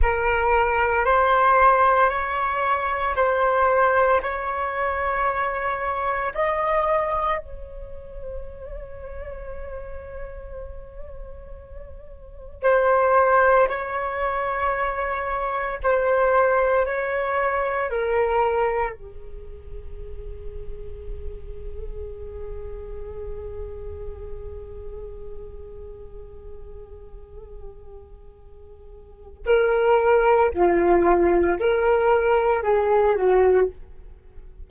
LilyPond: \new Staff \with { instrumentName = "flute" } { \time 4/4 \tempo 4 = 57 ais'4 c''4 cis''4 c''4 | cis''2 dis''4 cis''4~ | cis''1 | c''4 cis''2 c''4 |
cis''4 ais'4 gis'2~ | gis'1~ | gis'1 | ais'4 f'4 ais'4 gis'8 fis'8 | }